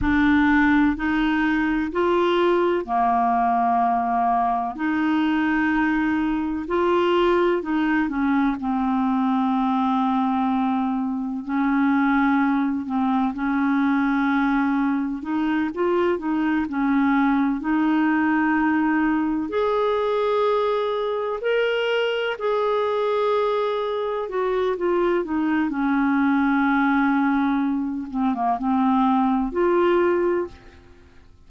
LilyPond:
\new Staff \with { instrumentName = "clarinet" } { \time 4/4 \tempo 4 = 63 d'4 dis'4 f'4 ais4~ | ais4 dis'2 f'4 | dis'8 cis'8 c'2. | cis'4. c'8 cis'2 |
dis'8 f'8 dis'8 cis'4 dis'4.~ | dis'8 gis'2 ais'4 gis'8~ | gis'4. fis'8 f'8 dis'8 cis'4~ | cis'4. c'16 ais16 c'4 f'4 | }